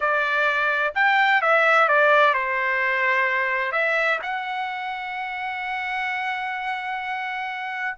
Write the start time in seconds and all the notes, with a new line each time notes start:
0.00 D5
0.94 G5
1.41 E5
1.88 D5
2.34 C5
3.72 E5
4.22 F#5